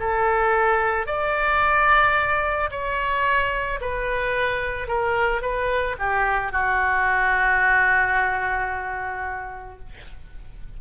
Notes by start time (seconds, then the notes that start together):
0.00 A4
1.07 D5
2.71 C#5
3.81 B4
4.88 A#4
5.42 B4
6.00 G4
6.53 F#4